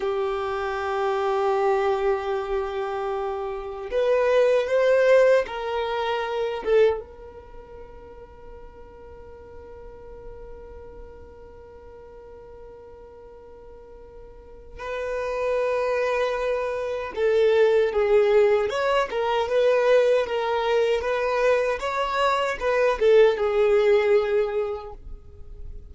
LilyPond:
\new Staff \with { instrumentName = "violin" } { \time 4/4 \tempo 4 = 77 g'1~ | g'4 b'4 c''4 ais'4~ | ais'8 a'8 ais'2.~ | ais'1~ |
ais'2. b'4~ | b'2 a'4 gis'4 | cis''8 ais'8 b'4 ais'4 b'4 | cis''4 b'8 a'8 gis'2 | }